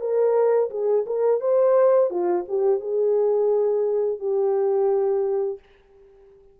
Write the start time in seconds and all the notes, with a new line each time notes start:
0.00 A#4
0.70 G#4
1.06 A#4
1.40 C5
2.10 F4
2.48 G4
2.80 G#4
4.19 G4